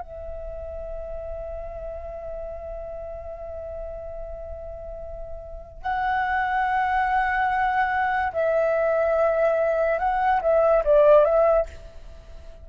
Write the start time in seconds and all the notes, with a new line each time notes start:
0.00 E5
5.82 F#5
8.33 E5
9.98 F#5
10.42 E5
10.84 D5
11.24 E5